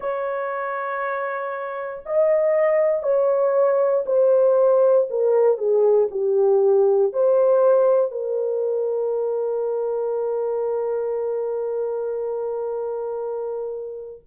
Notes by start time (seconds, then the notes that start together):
0.00 C#5
2.05 D#5
3.02 C#5
4.06 C5
5.09 A#4
5.57 G#4
6.11 G4
7.12 C5
8.11 A#4